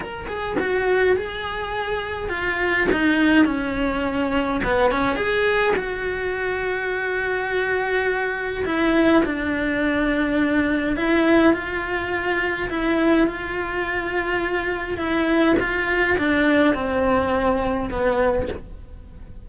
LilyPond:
\new Staff \with { instrumentName = "cello" } { \time 4/4 \tempo 4 = 104 ais'8 gis'8 fis'4 gis'2 | f'4 dis'4 cis'2 | b8 cis'8 gis'4 fis'2~ | fis'2. e'4 |
d'2. e'4 | f'2 e'4 f'4~ | f'2 e'4 f'4 | d'4 c'2 b4 | }